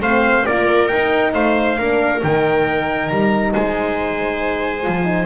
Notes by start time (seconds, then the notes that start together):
0.00 A3 C4 C5 F5
0.45 A#3 F4 A#4 D5
0.88 D#4 G5
1.33 A3 C5 F5
1.78 A#3 D4 A#4
2.22 D#3 D#4 G5
3.08 G3 A#5
3.53 G#3 C5 G#5
4.82 F3 F4
5.03 D#4